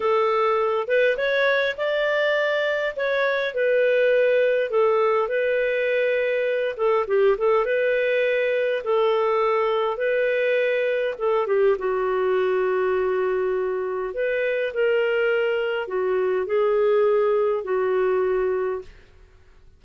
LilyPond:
\new Staff \with { instrumentName = "clarinet" } { \time 4/4 \tempo 4 = 102 a'4. b'8 cis''4 d''4~ | d''4 cis''4 b'2 | a'4 b'2~ b'8 a'8 | g'8 a'8 b'2 a'4~ |
a'4 b'2 a'8 g'8 | fis'1 | b'4 ais'2 fis'4 | gis'2 fis'2 | }